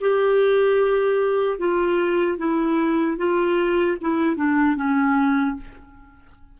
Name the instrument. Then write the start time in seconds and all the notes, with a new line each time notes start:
clarinet
0.00 G4
1.58 F4
2.37 E4
3.17 F4
4.01 E4
4.36 D4
4.76 C#4